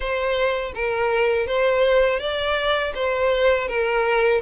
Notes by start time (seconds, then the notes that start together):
0.00 C5
0.75 A#4
1.46 C5
2.20 D5
2.95 C5
3.68 A#4